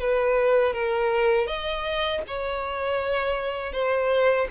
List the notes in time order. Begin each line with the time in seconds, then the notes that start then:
0.00 B4
0.74 A#4
1.47 D#5
2.27 C#5
3.72 C5